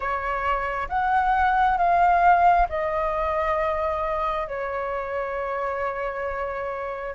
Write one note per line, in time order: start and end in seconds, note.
0.00 0.88 C#5
0.88 1.77 F#5
1.77 2.67 F5
2.69 4.47 D#5
4.47 7.14 C#5